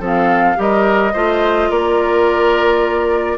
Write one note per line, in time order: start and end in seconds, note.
0.00 0.56 F3
0.00 0.56 C4
0.00 0.56 A4
0.06 0.61 F5
0.56 1.14 G3
0.56 1.12 G4
0.56 1.13 A#4
0.56 1.71 D#5
1.13 1.70 A3
1.13 3.38 F4
1.13 1.69 C5
1.70 3.38 A#3
1.70 3.38 A#4
1.70 3.38 D5